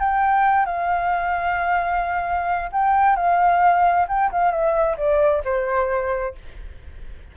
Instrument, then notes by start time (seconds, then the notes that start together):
flute
0.00 G5
0.66 F5
2.73 G5
3.16 F5
4.08 G5
4.32 F5
4.51 E5
4.98 D5
5.45 C5